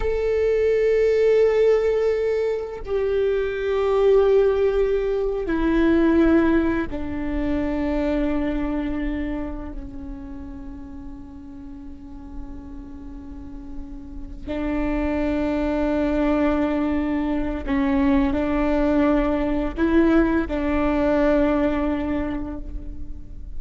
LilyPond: \new Staff \with { instrumentName = "viola" } { \time 4/4 \tempo 4 = 85 a'1 | g'2.~ g'8. e'16~ | e'4.~ e'16 d'2~ d'16~ | d'4.~ d'16 cis'2~ cis'16~ |
cis'1~ | cis'8 d'2.~ d'8~ | d'4 cis'4 d'2 | e'4 d'2. | }